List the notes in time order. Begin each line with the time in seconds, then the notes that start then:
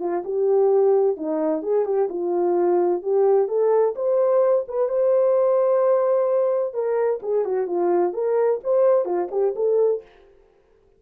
0.00 F4
0.25 G4
1.17 D#4
1.63 G#4
1.86 G4
2.10 F4
3.03 G4
3.49 A4
3.96 C5
4.68 B4
4.89 C5
6.74 A#4
7.23 G#4
7.45 F#4
7.67 F4
8.14 A#4
8.64 C5
9.05 F4
9.31 G4
9.56 A4